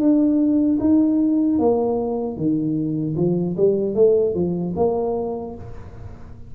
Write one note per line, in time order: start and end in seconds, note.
0.00 0.79 D4
0.80 1.59 D#4
1.59 2.37 A#3
2.37 3.16 D#3
3.17 3.56 F3
3.57 3.95 G3
3.95 4.35 A3
4.35 4.74 F3
4.76 5.55 A#3